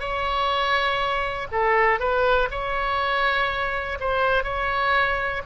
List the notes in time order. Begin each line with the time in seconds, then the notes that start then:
0.00 C#5
1.52 A4
2.00 B4
2.51 C#5
4.00 C5
4.44 C#5